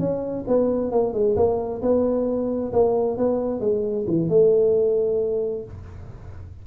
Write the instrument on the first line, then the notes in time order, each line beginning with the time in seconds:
tuba
0.00 C#4
0.48 B3
0.92 A#3
1.14 G#3
1.37 A#3
1.82 B3
2.73 A#3
3.18 B3
3.61 G#3
4.07 E3
4.30 A3